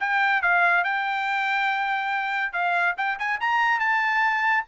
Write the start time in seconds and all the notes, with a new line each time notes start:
0.00 G5
0.42 F5
0.84 G5
2.53 F5
2.97 G5
3.19 G#5
3.41 A#5
3.80 A5